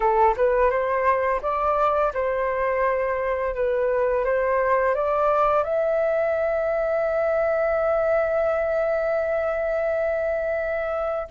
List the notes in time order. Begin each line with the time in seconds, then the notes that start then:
0.00 A4
0.36 B4
0.70 C5
1.42 D5
2.13 C5
3.55 B4
4.24 C5
4.94 D5
5.63 E5